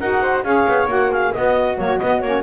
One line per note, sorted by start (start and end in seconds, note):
0.00 0.44 D#4
0.00 0.45 F#4
0.00 0.22 A#4
0.00 0.44 F#5
0.22 0.44 C5
0.44 0.66 C#4
0.44 0.88 G#4
0.44 1.11 C#5
0.44 0.88 F5
0.68 0.87 B3
0.87 1.31 A#3
0.87 1.32 F#4
0.87 1.12 F#5
1.11 1.33 G#4
1.11 1.33 F5
1.33 1.77 B3
1.33 1.78 B3
1.33 2.43 F#4
1.33 1.77 D#5
1.77 2.00 F#3
1.77 2.00 A#3
1.77 1.98 C#5
1.98 2.22 B3
1.98 2.21 D#5
2.21 2.43 A#3
2.21 2.43 C#4
2.21 2.43 C#5